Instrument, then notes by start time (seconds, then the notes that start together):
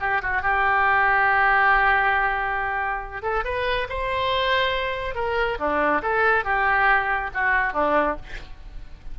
oboe
0.00 G4
0.22 F#4
0.42 G4
3.23 A4
3.44 B4
3.89 C5
5.15 A#4
5.59 D4
6.02 A4
6.44 G4
7.34 F#4
7.73 D4